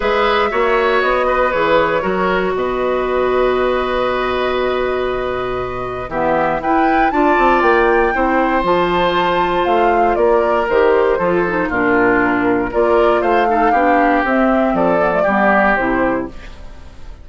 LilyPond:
<<
  \new Staff \with { instrumentName = "flute" } { \time 4/4 \tempo 4 = 118 e''2 dis''4 cis''4~ | cis''4 dis''2.~ | dis''1 | e''4 g''4 a''4 g''4~ |
g''4 a''2 f''4 | d''4 c''2 ais'4~ | ais'4 d''4 f''2 | e''4 d''2 c''4 | }
  \new Staff \with { instrumentName = "oboe" } { \time 4/4 b'4 cis''4. b'4. | ais'4 b'2.~ | b'1 | g'4 b'4 d''2 |
c''1 | ais'2 a'4 f'4~ | f'4 ais'4 c''8 a'8 g'4~ | g'4 a'4 g'2 | }
  \new Staff \with { instrumentName = "clarinet" } { \time 4/4 gis'4 fis'2 gis'4 | fis'1~ | fis'1 | b4 e'4 f'2 |
e'4 f'2.~ | f'4 g'4 f'8 dis'8 d'4~ | d'4 f'4. dis'8 d'4 | c'4. b16 a16 b4 e'4 | }
  \new Staff \with { instrumentName = "bassoon" } { \time 4/4 gis4 ais4 b4 e4 | fis4 b,2.~ | b,1 | e4 e'4 d'8 c'8 ais4 |
c'4 f2 a4 | ais4 dis4 f4 ais,4~ | ais,4 ais4 a4 b4 | c'4 f4 g4 c4 | }
>>